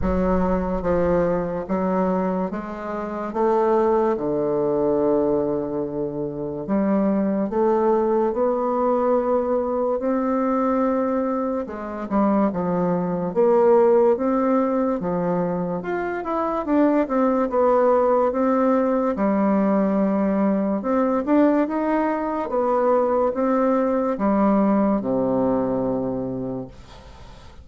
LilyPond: \new Staff \with { instrumentName = "bassoon" } { \time 4/4 \tempo 4 = 72 fis4 f4 fis4 gis4 | a4 d2. | g4 a4 b2 | c'2 gis8 g8 f4 |
ais4 c'4 f4 f'8 e'8 | d'8 c'8 b4 c'4 g4~ | g4 c'8 d'8 dis'4 b4 | c'4 g4 c2 | }